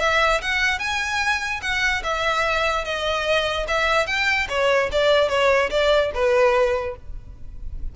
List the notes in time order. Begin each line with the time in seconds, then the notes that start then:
0.00 E5
0.41 F#5
0.79 G#5
1.62 F#5
2.03 E5
2.85 D#5
3.68 E5
4.06 G5
4.49 C#5
4.92 D5
5.29 C#5
5.70 D5
6.14 B4